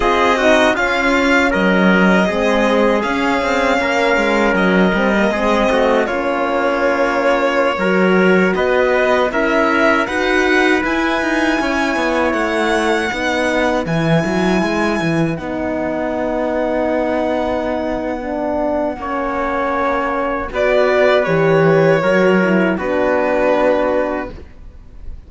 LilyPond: <<
  \new Staff \with { instrumentName = "violin" } { \time 4/4 \tempo 4 = 79 dis''4 f''4 dis''2 | f''2 dis''2 | cis''2.~ cis''16 dis''8.~ | dis''16 e''4 fis''4 gis''4.~ gis''16~ |
gis''16 fis''2 gis''4.~ gis''16~ | gis''16 fis''2.~ fis''8.~ | fis''2. d''4 | cis''2 b'2 | }
  \new Staff \with { instrumentName = "trumpet" } { \time 4/4 gis'8 fis'8 f'4 ais'4 gis'4~ | gis'4 ais'2 gis'8 fis'8 | f'2~ f'16 ais'4 b'8.~ | b'16 ais'4 b'2 cis''8.~ |
cis''4~ cis''16 b'2~ b'8.~ | b'1~ | b'4 cis''2 b'4~ | b'4 ais'4 fis'2 | }
  \new Staff \with { instrumentName = "horn" } { \time 4/4 f'8 dis'8 cis'2 c'4 | cis'2~ cis'8 c'16 ais16 c'4 | cis'2~ cis'16 fis'4.~ fis'16~ | fis'16 e'4 fis'4 e'4.~ e'16~ |
e'4~ e'16 dis'4 e'4.~ e'16~ | e'16 dis'2.~ dis'8. | d'4 cis'2 fis'4 | g'4 fis'8 e'8 d'2 | }
  \new Staff \with { instrumentName = "cello" } { \time 4/4 c'4 cis'4 fis4 gis4 | cis'8 c'8 ais8 gis8 fis8 g8 gis8 a8 | ais2~ ais16 fis4 b8.~ | b16 cis'4 dis'4 e'8 dis'8 cis'8 b16~ |
b16 a4 b4 e8 fis8 gis8 e16~ | e16 b2.~ b8.~ | b4 ais2 b4 | e4 fis4 b2 | }
>>